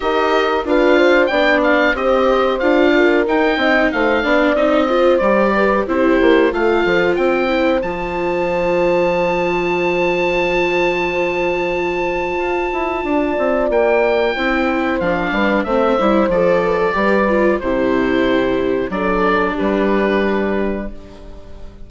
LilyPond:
<<
  \new Staff \with { instrumentName = "oboe" } { \time 4/4 \tempo 4 = 92 dis''4 f''4 g''8 f''8 dis''4 | f''4 g''4 f''4 dis''4 | d''4 c''4 f''4 g''4 | a''1~ |
a''1~ | a''4 g''2 f''4 | e''4 d''2 c''4~ | c''4 d''4 b'2 | }
  \new Staff \with { instrumentName = "horn" } { \time 4/4 ais'4 b'8 c''8 d''4 c''4~ | c''8 ais'4 dis''8 c''8 d''4 c''8~ | c''8 b'8 g'4 a'4 c''4~ | c''1~ |
c''1 | d''2 c''4. b'8 | c''4. b'16 a'16 b'4 g'4~ | g'4 a'4 g'2 | }
  \new Staff \with { instrumentName = "viola" } { \time 4/4 g'4 f'4 d'4 g'4 | f'4 dis'4. d'8 dis'8 f'8 | g'4 e'4 f'4. e'8 | f'1~ |
f'1~ | f'2 e'4 d'4 | c'8 e'8 a'4 g'8 f'8 e'4~ | e'4 d'2. | }
  \new Staff \with { instrumentName = "bassoon" } { \time 4/4 dis'4 d'4 b4 c'4 | d'4 dis'8 c'8 a8 b8 c'4 | g4 c'8 ais8 a8 f8 c'4 | f1~ |
f2. f'8 e'8 | d'8 c'8 ais4 c'4 f8 g8 | a8 g8 f4 g4 c4~ | c4 fis4 g2 | }
>>